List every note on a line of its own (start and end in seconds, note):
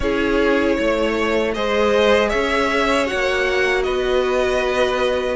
0.00 0.77 C#4
0.00 1.54 E4
0.00 0.75 G#4
0.00 1.54 C#5
0.75 1.56 A3
0.75 1.52 C#5
1.54 2.33 G#3
1.54 3.06 G#4
1.54 2.28 C5
1.54 2.29 D#5
2.28 3.10 C#4
2.28 3.82 C#5
2.28 3.06 E5
3.06 5.36 F#4
3.06 3.83 F#5
3.12 3.87 A#3
3.83 5.36 B3
3.83 5.36 B4
3.83 5.36 D#5